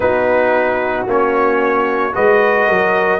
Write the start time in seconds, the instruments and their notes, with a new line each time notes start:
0.00 tuba B3, trombone D#4, horn F#4, trumpet B4
1.06 tuba A#3, trombone C#4, trumpet C#5
2.12 tuba G#3, trombone F#4, horn B4, trumpet D#5
2.67 tuba F#3, horn A#4